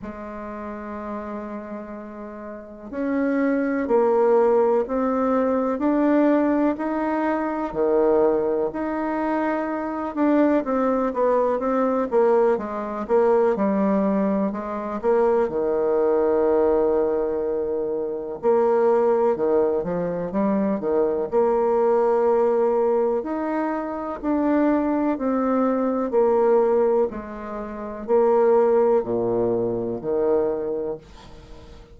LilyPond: \new Staff \with { instrumentName = "bassoon" } { \time 4/4 \tempo 4 = 62 gis2. cis'4 | ais4 c'4 d'4 dis'4 | dis4 dis'4. d'8 c'8 b8 | c'8 ais8 gis8 ais8 g4 gis8 ais8 |
dis2. ais4 | dis8 f8 g8 dis8 ais2 | dis'4 d'4 c'4 ais4 | gis4 ais4 ais,4 dis4 | }